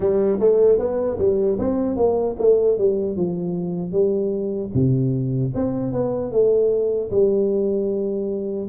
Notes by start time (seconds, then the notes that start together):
0.00 G3
0.39 A3
0.78 B3
1.18 G3
1.58 C4
1.96 A#3
2.39 A3
2.78 G3
3.16 F3
3.92 G3
4.74 C3
5.54 C4
5.92 B3
6.31 A3
7.11 G3